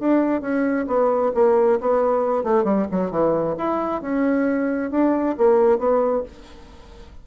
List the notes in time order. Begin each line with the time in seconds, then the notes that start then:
0.00 D4
0.42 C#4
0.88 B3
1.35 A#3
1.81 B3
2.44 A3
2.64 G3
2.92 F#3
3.11 E3
3.58 E4
4.02 C#4
4.91 D4
5.38 A#3
5.79 B3